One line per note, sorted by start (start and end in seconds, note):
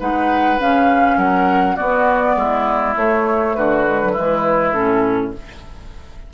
0.00 0.60 G#3
0.00 0.60 D#4
0.00 1.18 B4
0.00 0.60 F#5
0.60 1.18 C#3
0.60 1.78 C#4
0.60 1.18 F5
1.18 1.77 F#3
1.18 1.76 A#4
1.18 1.77 F#5
1.76 2.97 B3
1.76 2.36 B3
1.76 2.36 F#4
1.76 2.96 D5
2.36 2.95 G#3
2.36 3.57 E4
2.96 3.56 A3
2.96 3.87 A3
2.96 3.55 C#5
3.55 4.17 D3
3.55 4.13 F#4
3.55 4.73 B4
3.87 4.02 G#3
4.02 4.16 F#3
4.13 4.75 G#3
4.13 5.32 E4
4.19 4.75 E3
4.73 5.34 A2
4.73 5.34 C#4
4.73 5.32 A4